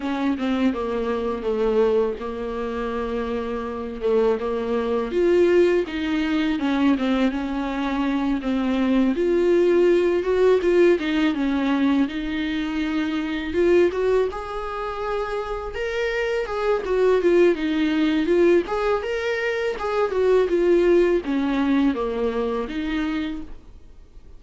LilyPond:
\new Staff \with { instrumentName = "viola" } { \time 4/4 \tempo 4 = 82 cis'8 c'8 ais4 a4 ais4~ | ais4. a8 ais4 f'4 | dis'4 cis'8 c'8 cis'4. c'8~ | c'8 f'4. fis'8 f'8 dis'8 cis'8~ |
cis'8 dis'2 f'8 fis'8 gis'8~ | gis'4. ais'4 gis'8 fis'8 f'8 | dis'4 f'8 gis'8 ais'4 gis'8 fis'8 | f'4 cis'4 ais4 dis'4 | }